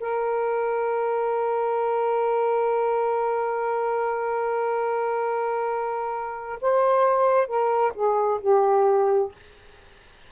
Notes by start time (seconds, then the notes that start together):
0.00 A#4
6.61 C5
7.47 A#4
7.94 G#4
8.41 G4